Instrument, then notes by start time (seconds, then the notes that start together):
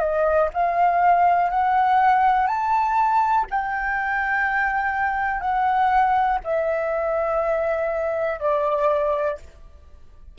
flute
0.00 D#5
0.54 F5
1.50 F#5
2.48 A5
3.51 G5
5.41 F#5
6.44 E5
8.40 D5